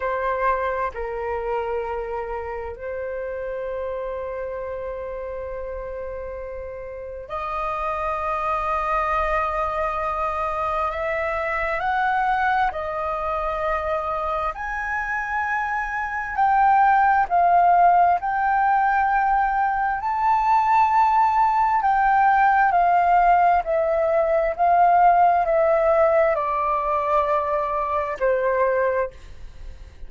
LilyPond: \new Staff \with { instrumentName = "flute" } { \time 4/4 \tempo 4 = 66 c''4 ais'2 c''4~ | c''1 | dis''1 | e''4 fis''4 dis''2 |
gis''2 g''4 f''4 | g''2 a''2 | g''4 f''4 e''4 f''4 | e''4 d''2 c''4 | }